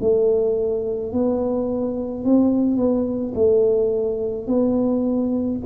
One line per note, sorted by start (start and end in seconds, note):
0.00 1.12 A3
1.12 2.24 B3
2.24 2.76 C4
2.76 3.33 B3
3.34 4.47 A3
4.47 5.60 B3